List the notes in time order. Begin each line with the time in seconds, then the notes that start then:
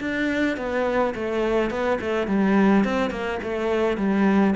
0.00 D4
0.57 B3
1.15 A3
1.70 B3
2.00 A3
2.27 G3
2.84 C4
3.10 A#3
3.42 A3
3.97 G3